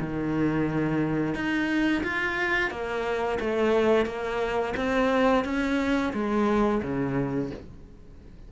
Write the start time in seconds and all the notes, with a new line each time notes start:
0.00 D#3
1.34 D#4
2.03 F4
2.70 A#3
3.40 A3
4.05 A#3
4.77 C4
5.45 C#4
6.13 G#3
6.82 C#3